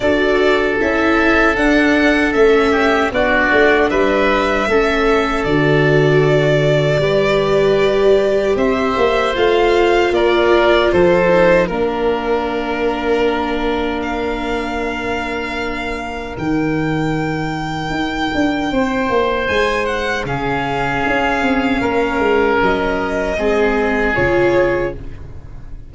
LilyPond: <<
  \new Staff \with { instrumentName = "violin" } { \time 4/4 \tempo 4 = 77 d''4 e''4 fis''4 e''4 | d''4 e''2 d''4~ | d''2. e''4 | f''4 d''4 c''4 ais'4~ |
ais'2 f''2~ | f''4 g''2.~ | g''4 gis''8 fis''8 f''2~ | f''4 dis''2 cis''4 | }
  \new Staff \with { instrumentName = "oboe" } { \time 4/4 a'2.~ a'8 g'8 | fis'4 b'4 a'2~ | a'4 b'2 c''4~ | c''4 ais'4 a'4 ais'4~ |
ais'1~ | ais'1 | c''2 gis'2 | ais'2 gis'2 | }
  \new Staff \with { instrumentName = "viola" } { \time 4/4 fis'4 e'4 d'4 cis'4 | d'2 cis'4 fis'4~ | fis'4 g'2. | f'2~ f'8 dis'8 d'4~ |
d'1~ | d'4 dis'2.~ | dis'2 cis'2~ | cis'2 c'4 f'4 | }
  \new Staff \with { instrumentName = "tuba" } { \time 4/4 d'4 cis'4 d'4 a4 | b8 a8 g4 a4 d4~ | d4 g2 c'8 ais8 | a4 ais4 f4 ais4~ |
ais1~ | ais4 dis2 dis'8 d'8 | c'8 ais8 gis4 cis4 cis'8 c'8 | ais8 gis8 fis4 gis4 cis4 | }
>>